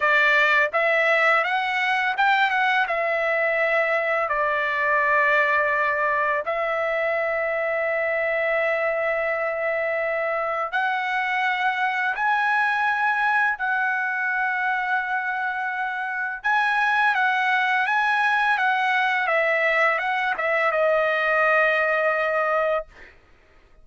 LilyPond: \new Staff \with { instrumentName = "trumpet" } { \time 4/4 \tempo 4 = 84 d''4 e''4 fis''4 g''8 fis''8 | e''2 d''2~ | d''4 e''2.~ | e''2. fis''4~ |
fis''4 gis''2 fis''4~ | fis''2. gis''4 | fis''4 gis''4 fis''4 e''4 | fis''8 e''8 dis''2. | }